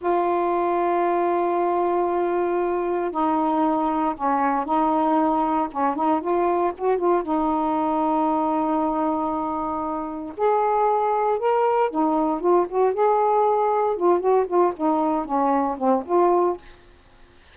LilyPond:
\new Staff \with { instrumentName = "saxophone" } { \time 4/4 \tempo 4 = 116 f'1~ | f'2 dis'2 | cis'4 dis'2 cis'8 dis'8 | f'4 fis'8 f'8 dis'2~ |
dis'1 | gis'2 ais'4 dis'4 | f'8 fis'8 gis'2 f'8 fis'8 | f'8 dis'4 cis'4 c'8 f'4 | }